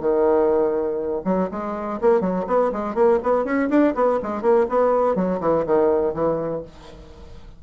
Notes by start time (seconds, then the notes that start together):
0.00 D#3
1.25 F#3
1.52 G#3
2.02 A#3
2.21 F#3
2.47 B3
2.73 G#3
2.95 A#3
3.23 B3
3.45 C#4
3.70 D4
3.96 B3
4.23 G#3
4.42 A#3
4.69 B3
5.16 F#3
5.41 E3
5.66 D#3
6.14 E3